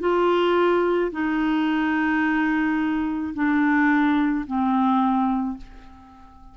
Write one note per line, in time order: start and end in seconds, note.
0.00 1.11 F4
1.12 3.34 D#4
3.34 4.45 D4
4.46 5.58 C4